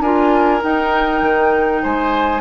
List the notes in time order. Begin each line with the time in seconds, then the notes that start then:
0.00 D4 F4 A#4 G#5
0.61 D#4 G5
1.22 D#3
1.82 G#3 C5 G#5